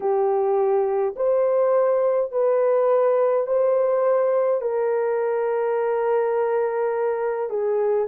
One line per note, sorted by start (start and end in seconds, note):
0.00 1.15 G4
1.15 2.31 C5
2.31 3.46 B4
3.46 4.61 C5
4.61 7.49 A#4
7.49 8.07 G#4